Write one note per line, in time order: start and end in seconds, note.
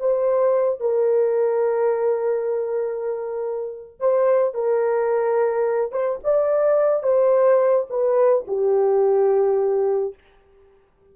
0.00 0.81 C5
0.81 4.00 A#4
4.00 4.54 C5
4.54 5.92 A#4
5.92 6.20 C5
6.24 7.03 D5
7.03 7.86 C5
7.90 8.45 B4
8.48 10.14 G4